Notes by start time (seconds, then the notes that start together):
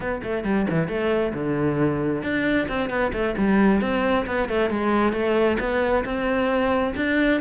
0.00 B3
0.23 A3
0.44 G3
0.70 E3
0.88 A3
1.33 D3
2.22 D4
2.68 C4
2.89 B3
3.12 A3
3.37 G3
3.81 C4
4.26 B3
4.48 A3
4.69 G#3
5.12 A3
5.59 B3
6.04 C4
6.95 D4